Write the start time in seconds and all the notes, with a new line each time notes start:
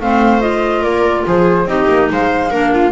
0.00 A3 C4 C5 F5
0.40 F4 D#5
0.82 A#3 A#4 D5
1.26 F3 G#4 C5
1.65 C4 D#4 G4 D#5
1.88 A#3
2.10 G#3 C5 F5
2.50 A#3 D4 A#4
2.73 F4